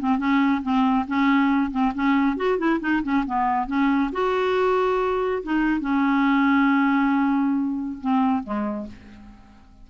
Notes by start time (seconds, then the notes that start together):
0.00 C4
0.19 C#4
0.63 C4
1.08 C#4
1.71 C4
1.95 C#4
2.37 F#4
2.58 E4
2.81 D#4
3.03 C#4
3.26 B3
3.67 C#4
4.13 F#4
5.43 D#4
5.81 C#4
8.01 C4
8.44 G#3